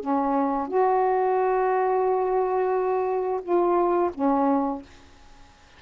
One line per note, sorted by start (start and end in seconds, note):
0.00 0.68 C#4
0.68 3.41 F#4
3.42 4.11 F4
4.14 4.82 C#4